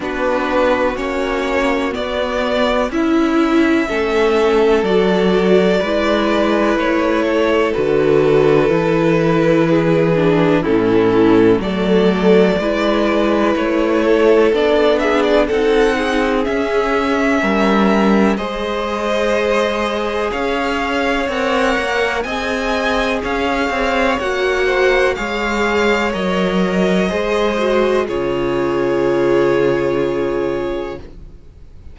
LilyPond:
<<
  \new Staff \with { instrumentName = "violin" } { \time 4/4 \tempo 4 = 62 b'4 cis''4 d''4 e''4~ | e''4 d''2 cis''4 | b'2. a'4 | d''2 cis''4 d''8 e''16 d''16 |
fis''4 e''2 dis''4~ | dis''4 f''4 fis''4 gis''4 | f''4 fis''4 f''4 dis''4~ | dis''4 cis''2. | }
  \new Staff \with { instrumentName = "violin" } { \time 4/4 fis'2. e'4 | a'2 b'4. a'8~ | a'2 gis'4 e'4 | a'4 b'4. a'4 gis'8 |
a'8 gis'4. ais'4 c''4~ | c''4 cis''2 dis''4 | cis''4. c''8 cis''2 | c''4 gis'2. | }
  \new Staff \with { instrumentName = "viola" } { \time 4/4 d'4 cis'4 b4 e'4 | cis'4 fis'4 e'2 | fis'4 e'4. d'8 cis'4 | a4 e'2 d'4 |
dis'4 cis'2 gis'4~ | gis'2 ais'4 gis'4~ | gis'4 fis'4 gis'4 ais'4 | gis'8 fis'8 f'2. | }
  \new Staff \with { instrumentName = "cello" } { \time 4/4 b4 ais4 b4 cis'4 | a4 fis4 gis4 a4 | d4 e2 a,4 | fis4 gis4 a4 b4 |
c'4 cis'4 g4 gis4~ | gis4 cis'4 c'8 ais8 c'4 | cis'8 c'8 ais4 gis4 fis4 | gis4 cis2. | }
>>